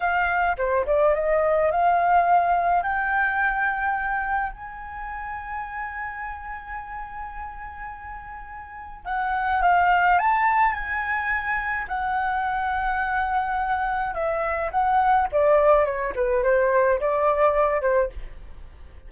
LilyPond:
\new Staff \with { instrumentName = "flute" } { \time 4/4 \tempo 4 = 106 f''4 c''8 d''8 dis''4 f''4~ | f''4 g''2. | gis''1~ | gis''1 |
fis''4 f''4 a''4 gis''4~ | gis''4 fis''2.~ | fis''4 e''4 fis''4 d''4 | cis''8 b'8 c''4 d''4. c''8 | }